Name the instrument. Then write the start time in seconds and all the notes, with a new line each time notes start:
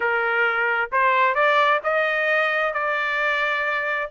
trumpet
0.00 A#4
0.92 C5
1.35 D5
1.83 D#5
2.73 D5